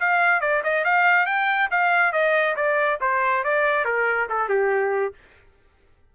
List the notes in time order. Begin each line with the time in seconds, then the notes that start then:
0.00 F5
0.41 D5
0.64 D#5
0.85 F5
1.26 G5
1.71 F5
2.12 D#5
2.56 D5
3.01 C5
3.44 D5
3.85 A#4
4.29 A4
4.49 G4